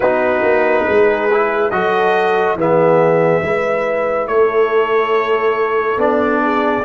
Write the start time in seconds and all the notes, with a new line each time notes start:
0.00 B3 D#4 F#4 B4
0.42 A#3
0.86 G#3 G#4
1.30 E4
1.70 F#3 F#4 A4 D#5
2.54 E3 B3 G#4 E5
3.42 G#3 E4 B4
4.27 A3 A4 C#5
5.97 B3 D4 D5
6.43 G#4